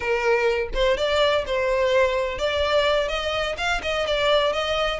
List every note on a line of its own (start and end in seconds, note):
0.00 0.69 A#4
0.73 0.97 C5
0.97 1.44 D5
1.46 2.38 C5
2.38 3.08 D5
3.08 3.56 D#5
3.57 3.81 F5
3.82 4.06 D#5
4.06 4.52 D5
4.52 4.99 D#5